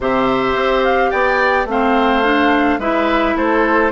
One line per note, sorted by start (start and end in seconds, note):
0.00 0.55 C3
0.00 1.68 G4
0.00 1.10 C5
0.00 0.84 E5
0.55 1.11 C4
0.84 1.11 F5
1.10 1.65 B3
1.10 1.66 D5
1.10 1.67 G5
1.65 2.77 A3
1.65 2.23 C4
1.65 2.79 C5
1.65 2.80 F5
2.23 2.79 D4
2.78 3.34 G#3
2.78 3.91 E4
2.78 3.35 B4
2.78 3.36 E5
3.35 3.91 A3
3.35 3.91 A4
3.35 3.91 C5